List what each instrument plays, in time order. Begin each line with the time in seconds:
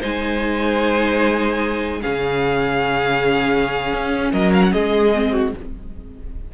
0.00 cello G#3, viola D#4, violin C5 G#5
2.02 cello C#3, viola C#4, violin G#4 F5
3.93 cello C#4
4.32 cello F#3, violin A#4 D#5
4.54 violin F5
4.63 violin F#5
4.72 cello G#3, violin G#4 D#5
5.14 viola C4
5.32 violin F#4